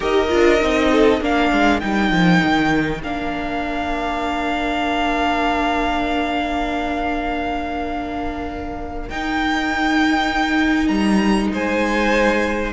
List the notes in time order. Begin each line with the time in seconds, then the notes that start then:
0.00 D#4 G4 A#4 D#5
0.29 D4 F4
0.59 C4 D#4
0.91 A4
1.20 A#3 D4 A#4 F5
1.52 G#3
1.80 G3 D#4 G5
2.11 F3
2.43 D#3
3.03 A#3 D4 F5
9.09 D#4 G5
10.87 G3 A#5
11.52 G#3 C5 G#5